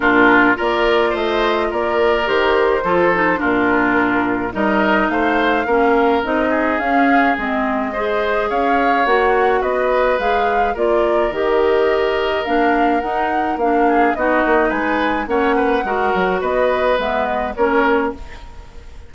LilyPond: <<
  \new Staff \with { instrumentName = "flute" } { \time 4/4 \tempo 4 = 106 ais'4 d''4 dis''4 d''4 | c''2 ais'2 | dis''4 f''2 dis''4 | f''4 dis''2 f''4 |
fis''4 dis''4 f''4 d''4 | dis''2 f''4 fis''4 | f''4 dis''4 gis''4 fis''4~ | fis''4 dis''4 e''8 dis''8 cis''4 | }
  \new Staff \with { instrumentName = "oboe" } { \time 4/4 f'4 ais'4 c''4 ais'4~ | ais'4 a'4 f'2 | ais'4 c''4 ais'4. gis'8~ | gis'2 c''4 cis''4~ |
cis''4 b'2 ais'4~ | ais'1~ | ais'8 gis'8 fis'4 b'4 cis''8 b'8 | ais'4 b'2 ais'4 | }
  \new Staff \with { instrumentName = "clarinet" } { \time 4/4 d'4 f'2. | g'4 f'8 dis'8 d'2 | dis'2 cis'4 dis'4 | cis'4 c'4 gis'2 |
fis'2 gis'4 f'4 | g'2 d'4 dis'4 | d'4 dis'2 cis'4 | fis'2 b4 cis'4 | }
  \new Staff \with { instrumentName = "bassoon" } { \time 4/4 ais,4 ais4 a4 ais4 | dis4 f4 ais,2 | g4 a4 ais4 c'4 | cis'4 gis2 cis'4 |
ais4 b4 gis4 ais4 | dis2 ais4 dis'4 | ais4 b8 ais8 gis4 ais4 | gis8 fis8 b4 gis4 ais4 | }
>>